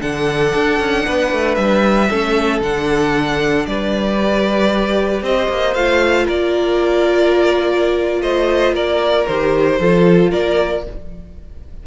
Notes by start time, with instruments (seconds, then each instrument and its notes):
0.00 cello D3, viola D4, violin A4 F#5
0.55 cello D4
0.80 cello C#4
1.06 cello B3, violin B4
1.32 cello A3
1.55 cello G3, violin E5
2.10 cello A3, viola C#4, violin A4
2.61 cello D3, viola D4, violin F#5
3.66 cello G3, violin B4 D5
4.22 viola G4
5.22 cello C4, violin C5 D#5
5.49 cello A#3
5.74 cello A3, viola F4, violin F5
6.25 cello A#3, violin A#4 D5
8.21 cello A3, violin C5 D#5
8.74 cello A#3, violin A#4 D5
9.27 cello D#3, viola G4, violin C5
9.79 cello F3, viola F4, violin A4
10.31 cello A#3, violin A#4 D5